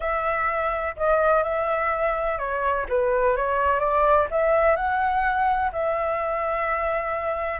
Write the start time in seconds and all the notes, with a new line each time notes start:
0.00 E5
0.96 D#5
1.43 E5
2.38 C#5
2.89 B4
3.36 C#5
3.79 D5
4.30 E5
4.76 F#5
5.72 E5